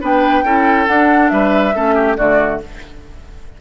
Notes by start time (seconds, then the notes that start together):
0.00 B3 D4 B4 G5
0.43 C#4 E4 A4
0.86 D4 F#5
1.28 G3 B4 E5
1.74 A3 C#4 A4
1.95 G4
2.16 D3 A3 F#4 D5